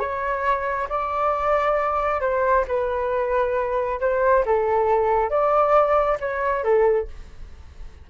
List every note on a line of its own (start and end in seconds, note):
0.00 0.88 C#5
0.89 2.21 D5
2.21 2.65 C5
2.68 4.00 B4
4.01 4.45 C5
4.46 5.30 A4
5.30 6.18 D5
6.20 6.64 C#5
6.64 7.08 A4